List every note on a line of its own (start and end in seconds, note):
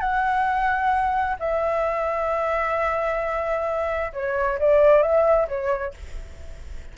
0.00 1.36 F#5
1.39 4.12 E5
4.13 4.58 C#5
4.59 5.02 D5
5.02 5.48 E5
5.48 5.94 C#5